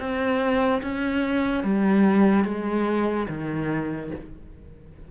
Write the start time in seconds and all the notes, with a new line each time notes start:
0.00 C4
0.83 C#4
1.64 G3
2.45 G#3
3.29 D#3